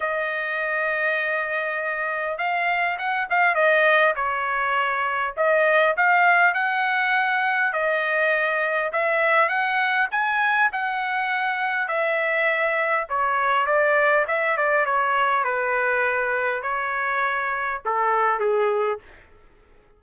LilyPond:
\new Staff \with { instrumentName = "trumpet" } { \time 4/4 \tempo 4 = 101 dis''1 | f''4 fis''8 f''8 dis''4 cis''4~ | cis''4 dis''4 f''4 fis''4~ | fis''4 dis''2 e''4 |
fis''4 gis''4 fis''2 | e''2 cis''4 d''4 | e''8 d''8 cis''4 b'2 | cis''2 a'4 gis'4 | }